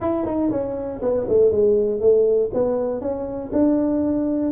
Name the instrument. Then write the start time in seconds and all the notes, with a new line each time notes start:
tuba
0.00 E4
0.25 D#4
0.50 C#4
1.02 B3
1.28 A3
1.51 G#3
2.00 A3
2.53 B3
3.00 C#4
3.52 D4